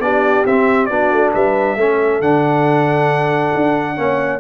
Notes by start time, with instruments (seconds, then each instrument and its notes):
0.00 tuba B3, trombone D4, horn G4, trumpet D5
0.46 tuba C4, trombone C4, trumpet E5
0.86 tuba B3, trombone D4, horn F#4, trumpet D5
1.12 tuba A3
1.33 tuba G3, horn B4, trumpet E5
1.77 tuba A3, trombone C#4, horn A4
2.21 tuba D3, trombone D4, trumpet F#5
3.55 tuba D4
3.97 tuba A#3, trombone C#4, horn C#5